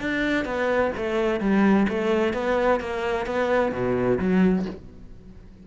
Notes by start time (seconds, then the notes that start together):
0.00 D4
0.45 B3
0.97 A3
1.40 G3
1.89 A3
2.34 B3
2.80 A#3
3.26 B3
3.72 B2
4.19 F#3